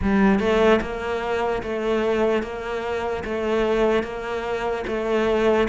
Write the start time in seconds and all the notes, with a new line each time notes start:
0.01 G3
0.39 A3
0.81 A#3
1.62 A3
2.42 A#3
3.24 A3
4.03 A#3
4.86 A3